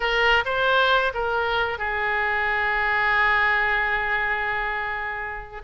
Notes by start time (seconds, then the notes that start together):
0.00 A#4
0.45 C5
1.13 A#4
1.78 G#4